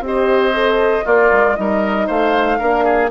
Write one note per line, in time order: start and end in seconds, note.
0.00 1.03 C4
0.00 0.54 G4
0.00 1.07 D#5
0.07 1.05 C5
0.54 1.05 A4
1.05 1.31 A#3
1.05 1.56 F4
1.05 1.57 A#4
1.05 1.55 D5
1.31 1.57 G#3
1.55 2.09 G3
1.55 2.59 D#4
1.55 2.07 A#4
1.55 2.07 D#5
2.07 2.60 A3
2.07 2.58 C5
2.07 3.11 F5
2.59 3.11 A#3
2.59 3.10 D4
2.59 2.85 A#4
2.85 3.10 G#4